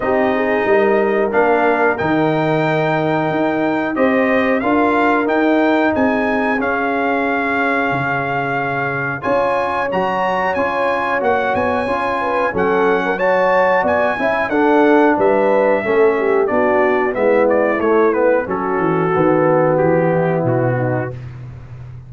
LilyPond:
<<
  \new Staff \with { instrumentName = "trumpet" } { \time 4/4 \tempo 4 = 91 dis''2 f''4 g''4~ | g''2 dis''4 f''4 | g''4 gis''4 f''2~ | f''2 gis''4 ais''4 |
gis''4 fis''8 gis''4. fis''4 | a''4 gis''4 fis''4 e''4~ | e''4 d''4 e''8 d''8 cis''8 b'8 | a'2 g'4 fis'4 | }
  \new Staff \with { instrumentName = "horn" } { \time 4/4 g'8 gis'8 ais'2.~ | ais'2 c''4 ais'4~ | ais'4 gis'2.~ | gis'2 cis''2~ |
cis''2~ cis''8 b'8 a'8. ais'16 | cis''4 d''8 e''8 a'4 b'4 | a'8 g'8 fis'4 e'2 | fis'2~ fis'8 e'4 dis'8 | }
  \new Staff \with { instrumentName = "trombone" } { \time 4/4 dis'2 d'4 dis'4~ | dis'2 g'4 f'4 | dis'2 cis'2~ | cis'2 f'4 fis'4 |
f'4 fis'4 f'4 cis'4 | fis'4. e'8 d'2 | cis'4 d'4 b4 a8 b8 | cis'4 b2. | }
  \new Staff \with { instrumentName = "tuba" } { \time 4/4 c'4 g4 ais4 dis4~ | dis4 dis'4 c'4 d'4 | dis'4 c'4 cis'2 | cis2 cis'4 fis4 |
cis'4 ais8 b8 cis'4 fis4~ | fis4 b8 cis'8 d'4 g4 | a4 b4 gis4 a4 | fis8 e8 dis4 e4 b,4 | }
>>